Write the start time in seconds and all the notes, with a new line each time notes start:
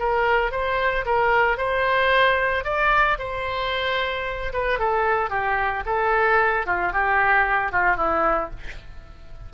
0.00 A#4
0.52 C5
1.06 A#4
1.58 C5
2.65 D5
3.19 C5
4.54 B4
4.79 A4
5.30 G4
5.86 A4
6.67 F4
6.93 G4
7.72 F4
7.97 E4